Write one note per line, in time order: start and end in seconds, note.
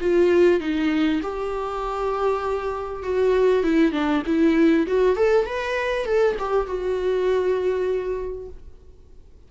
0.00 0.60 F4
0.60 1.21 D#4
1.22 3.03 G4
3.03 3.63 F#4
3.63 3.92 E4
3.92 4.22 D4
4.26 4.87 E4
4.87 5.16 F#4
5.16 5.45 A4
5.45 6.05 B4
6.05 6.36 A4
6.39 6.66 G4
6.66 8.48 F#4